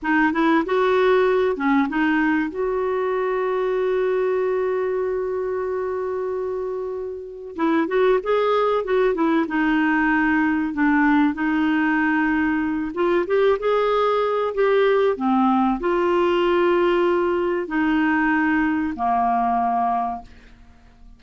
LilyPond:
\new Staff \with { instrumentName = "clarinet" } { \time 4/4 \tempo 4 = 95 dis'8 e'8 fis'4. cis'8 dis'4 | fis'1~ | fis'1 | e'8 fis'8 gis'4 fis'8 e'8 dis'4~ |
dis'4 d'4 dis'2~ | dis'8 f'8 g'8 gis'4. g'4 | c'4 f'2. | dis'2 ais2 | }